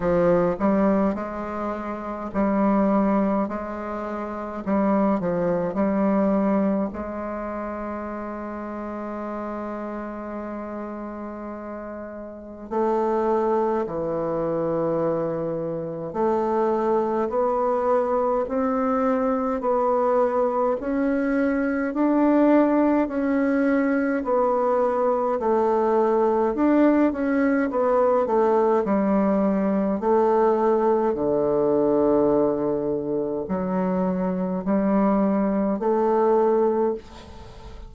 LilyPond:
\new Staff \with { instrumentName = "bassoon" } { \time 4/4 \tempo 4 = 52 f8 g8 gis4 g4 gis4 | g8 f8 g4 gis2~ | gis2. a4 | e2 a4 b4 |
c'4 b4 cis'4 d'4 | cis'4 b4 a4 d'8 cis'8 | b8 a8 g4 a4 d4~ | d4 fis4 g4 a4 | }